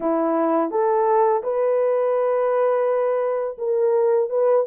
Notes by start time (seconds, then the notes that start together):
0.00 E4
0.70 A4
1.43 B4
3.58 A#4
4.29 B4